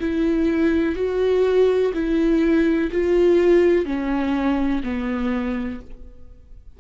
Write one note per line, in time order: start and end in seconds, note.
0.00 0.95 E4
0.95 1.92 F#4
1.94 2.91 E4
2.92 3.85 F4
3.85 4.82 C#4
4.83 5.80 B3